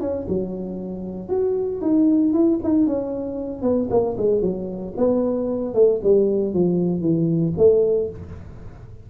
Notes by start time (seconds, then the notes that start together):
0.00 C#4
0.28 F#3
1.29 F#4
1.81 D#4
2.33 E4
2.63 D#4
2.86 C#4
3.62 B3
3.90 A#3
4.17 G#3
4.41 F#3
4.97 B3
5.74 A3
6.03 G3
6.53 F3
7.01 E3
7.57 A3